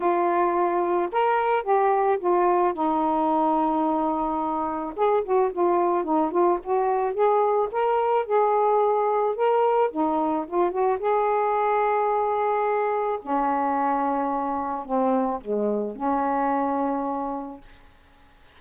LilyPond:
\new Staff \with { instrumentName = "saxophone" } { \time 4/4 \tempo 4 = 109 f'2 ais'4 g'4 | f'4 dis'2.~ | dis'4 gis'8 fis'8 f'4 dis'8 f'8 | fis'4 gis'4 ais'4 gis'4~ |
gis'4 ais'4 dis'4 f'8 fis'8 | gis'1 | cis'2. c'4 | gis4 cis'2. | }